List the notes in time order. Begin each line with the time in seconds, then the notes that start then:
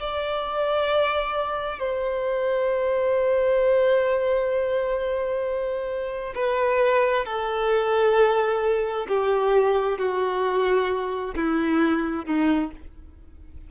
0.00 D5
1.80 C5
6.36 B4
7.26 A4
9.08 G4
9.99 F#4
11.36 E4
12.26 D#4